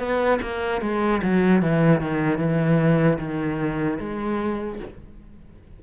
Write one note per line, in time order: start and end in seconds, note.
0.00 0.40 B3
0.42 0.82 A#3
0.82 1.22 G#3
1.23 1.62 F#3
1.62 2.01 E3
2.01 2.39 D#3
2.39 3.19 E3
3.19 3.99 D#3
4.00 4.80 G#3